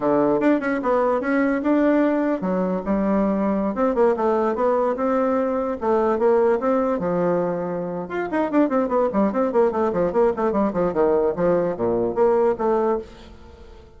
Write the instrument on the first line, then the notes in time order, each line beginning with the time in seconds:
bassoon
0.00 D3
0.40 D4
0.60 C#4
0.82 B3
1.21 C#4
1.62 D4
2.41 F#3
2.85 G3
3.74 C4
3.94 A#3
4.16 A3
4.55 B3
4.96 C4
5.80 A3
6.18 A#3
6.59 C4
6.99 F3
8.08 F4
8.31 D#4
8.51 D4
8.69 C4
8.88 B3
9.12 G3
9.32 C4
9.52 A#3
9.71 A3
9.92 F3
10.12 A#3
10.36 A3
10.52 G3
10.73 F3
10.93 D#3
11.36 F3
11.76 A#2
12.14 A#3
12.58 A3